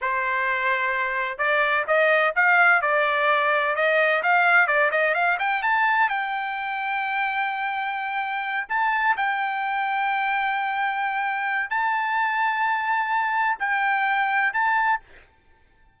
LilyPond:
\new Staff \with { instrumentName = "trumpet" } { \time 4/4 \tempo 4 = 128 c''2. d''4 | dis''4 f''4 d''2 | dis''4 f''4 d''8 dis''8 f''8 g''8 | a''4 g''2.~ |
g''2~ g''8 a''4 g''8~ | g''1~ | g''4 a''2.~ | a''4 g''2 a''4 | }